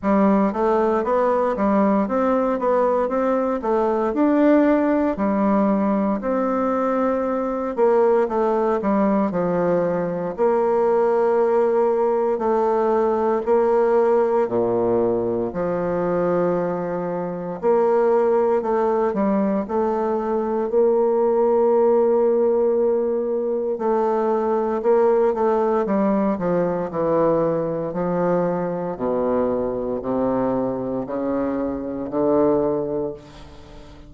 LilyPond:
\new Staff \with { instrumentName = "bassoon" } { \time 4/4 \tempo 4 = 58 g8 a8 b8 g8 c'8 b8 c'8 a8 | d'4 g4 c'4. ais8 | a8 g8 f4 ais2 | a4 ais4 ais,4 f4~ |
f4 ais4 a8 g8 a4 | ais2. a4 | ais8 a8 g8 f8 e4 f4 | b,4 c4 cis4 d4 | }